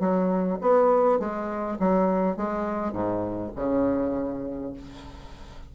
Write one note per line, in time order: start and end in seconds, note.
0.00 0.59 F#3
0.61 1.20 B3
1.20 1.79 G#3
1.80 2.37 F#3
2.37 2.93 G#3
2.93 3.52 G#2
3.56 4.74 C#3